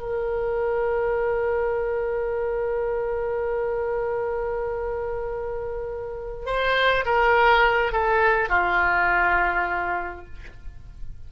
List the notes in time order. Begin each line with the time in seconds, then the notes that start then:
0.00 A#4
6.46 C5
7.06 A#4
7.93 A4
8.49 F4